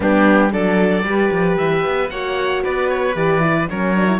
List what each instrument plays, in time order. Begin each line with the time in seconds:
0.00 cello G3, horn B3, violin D4, oboe G4
0.51 cello F#3, horn D4, violin A4, oboe D5
1.03 cello G3, horn G4, violin B4
1.31 cello F3
1.57 cello E3, oboe E5
1.86 cello B3
2.09 cello A#3, horn F#4, violin C#5, oboe F#5
2.63 cello B3, violin B4, oboe D5
2.89 oboe C#5
3.15 cello E3, horn G4, oboe D5
3.40 horn E4
3.69 cello F#3, horn C#4, violin A#4, oboe C#5
3.95 horn D4
4.06 horn E4